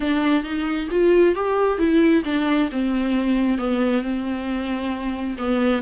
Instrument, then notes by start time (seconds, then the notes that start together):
viola
0.00 D4
0.43 D#4
0.91 F4
1.35 G4
1.78 E4
2.24 D4
2.71 C4
3.57 B3
4.02 C4
5.38 B3